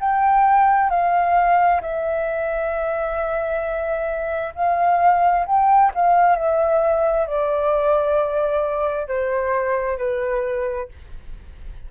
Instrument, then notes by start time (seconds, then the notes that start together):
flute
0.00 G5
0.90 F5
1.82 E5
4.55 F5
5.47 G5
5.95 F5
6.36 E5
7.27 D5
9.08 C5
9.98 B4